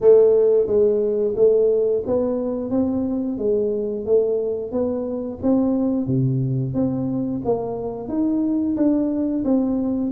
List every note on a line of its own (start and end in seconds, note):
0.00 0.66 A3
0.66 1.34 G#3
1.35 2.03 A3
2.06 2.70 B3
2.70 3.37 C4
3.38 4.05 G#3
4.05 4.71 A3
4.71 5.38 B3
5.42 6.06 C4
6.06 6.74 C3
6.74 7.41 C4
7.44 8.08 A#3
8.08 8.75 D#4
8.76 9.44 D4
9.44 10.11 C4